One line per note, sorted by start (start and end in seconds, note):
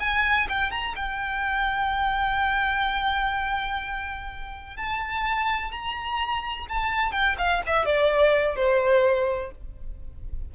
0.00 0.48 G#5
0.49 0.71 G5
0.71 0.95 A#5
0.96 4.77 G5
4.77 5.71 A5
5.71 6.66 A#5
6.69 7.12 A5
7.12 7.36 G5
7.38 7.62 F5
7.67 7.85 E5
7.85 8.56 D5
8.56 9.51 C5